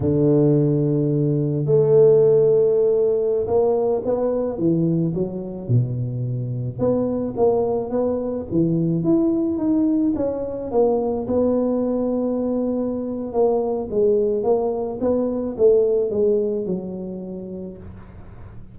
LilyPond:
\new Staff \with { instrumentName = "tuba" } { \time 4/4 \tempo 4 = 108 d2. a4~ | a2~ a16 ais4 b8.~ | b16 e4 fis4 b,4.~ b,16~ | b,16 b4 ais4 b4 e8.~ |
e16 e'4 dis'4 cis'4 ais8.~ | ais16 b2.~ b8. | ais4 gis4 ais4 b4 | a4 gis4 fis2 | }